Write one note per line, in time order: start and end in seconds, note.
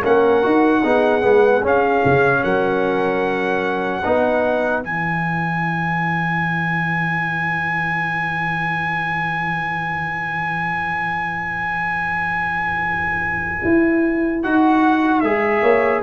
0.00 0.45 A#3
0.00 0.42 C#4
0.00 0.80 A#4
0.00 1.65 F#5
0.42 0.84 D#4
0.42 0.82 F#4
0.81 1.24 B3
0.81 1.21 D#4
0.81 2.41 G#4
1.21 1.62 G#3
1.21 1.61 B3
1.62 2.02 C#4
1.62 4.02 C#4
1.62 2.43 F5
2.05 2.44 C#3
2.43 4.04 F#3
2.43 4.01 A#4
2.43 4.83 F#5
4.01 4.83 B3
4.01 4.83 D#4
4.01 15.61 B4
4.83 13.63 E3
4.83 14.43 E4
4.83 14.43 G#5
13.64 14.44 E4
14.43 15.23 D#4
14.43 15.23 F#4
14.43 15.20 F#5
15.20 15.62 G#3
15.20 16.03 G#4
15.20 16.00 E5
15.61 16.02 A#3
15.61 16.01 C#5